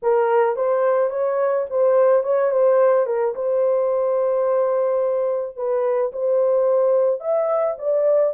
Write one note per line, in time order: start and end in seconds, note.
0.02 0.56 A#4
0.56 1.10 C5
1.10 1.65 C#5
1.69 2.23 C5
2.23 2.51 C#5
2.51 3.06 C5
3.06 3.34 A#4
3.35 5.56 C5
5.56 6.11 B4
6.12 7.20 C5
7.20 7.76 E5
7.78 8.33 D5